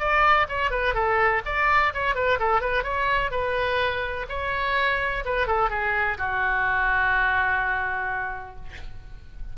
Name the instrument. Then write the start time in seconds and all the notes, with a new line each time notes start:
oboe
0.00 D5
0.49 C#5
0.71 B4
0.94 A4
1.46 D5
1.94 C#5
2.15 B4
2.40 A4
2.61 B4
2.84 C#5
3.31 B4
4.29 C#5
5.25 B4
5.47 A4
5.70 G#4
6.18 F#4